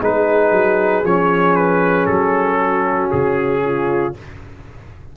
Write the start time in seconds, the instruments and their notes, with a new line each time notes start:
0.00 tuba G#3, trombone D#4, horn G#4, trumpet B4
0.52 tuba F#3
1.04 tuba F3, trombone C#4, trumpet C#5
1.56 trumpet B4
2.06 tuba F#3, trumpet A4
2.60 horn F#4
3.11 tuba C#3, trumpet G#4
3.65 horn F4